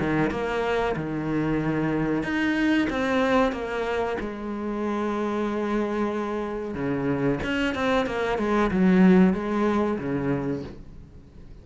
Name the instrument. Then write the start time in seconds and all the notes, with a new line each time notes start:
cello
0.00 D#3
0.31 A#3
0.96 D#3
2.23 D#4
2.90 C4
3.53 A#3
4.21 G#3
6.75 C#3
7.43 C#4
7.75 C4
8.06 A#3
8.39 G#3
8.71 F#3
9.34 G#3
9.99 C#3